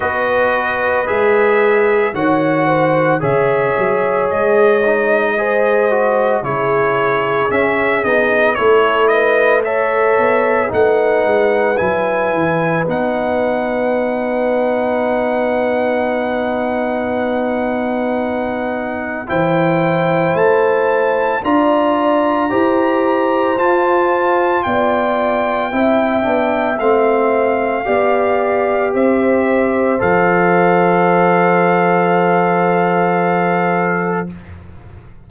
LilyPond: <<
  \new Staff \with { instrumentName = "trumpet" } { \time 4/4 \tempo 4 = 56 dis''4 e''4 fis''4 e''4 | dis''2 cis''4 e''8 dis''8 | cis''8 dis''8 e''4 fis''4 gis''4 | fis''1~ |
fis''2 g''4 a''4 | ais''2 a''4 g''4~ | g''4 f''2 e''4 | f''1 | }
  \new Staff \with { instrumentName = "horn" } { \time 4/4 b'2 cis''8 c''8 cis''4~ | cis''4 c''4 gis'2 | a'8 b'8 cis''4 b'2~ | b'1~ |
b'2 c''2 | d''4 c''2 d''4 | e''2 d''4 c''4~ | c''1 | }
  \new Staff \with { instrumentName = "trombone" } { \time 4/4 fis'4 gis'4 fis'4 gis'4~ | gis'8 dis'8 gis'8 fis'8 e'4 cis'8 dis'8 | e'4 a'4 dis'4 e'4 | dis'1~ |
dis'2 e'2 | f'4 g'4 f'2 | e'8 d'8 c'4 g'2 | a'1 | }
  \new Staff \with { instrumentName = "tuba" } { \time 4/4 b4 gis4 dis4 cis8 fis8 | gis2 cis4 cis'8 b8 | a4. b8 a8 gis8 fis8 e8 | b1~ |
b2 e4 a4 | d'4 e'4 f'4 b4 | c'8 b8 a4 b4 c'4 | f1 | }
>>